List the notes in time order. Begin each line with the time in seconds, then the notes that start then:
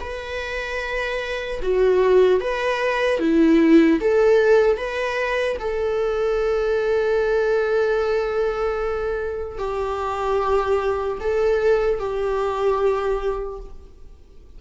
0.00 B4
1.62 F#4
2.40 B4
3.19 E4
4.00 A4
4.77 B4
5.59 A4
9.58 G4
11.20 A4
11.99 G4